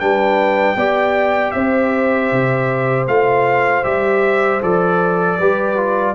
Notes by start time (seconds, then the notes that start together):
0.00 G3 D4 B4 G5
0.76 B3 G4 D5
1.52 C4 C5 E5
2.32 C3
3.08 A3 F4 F5
3.84 G3 G4 E5
4.62 F3 A4 D5
5.38 G3 G4 B4
5.77 F4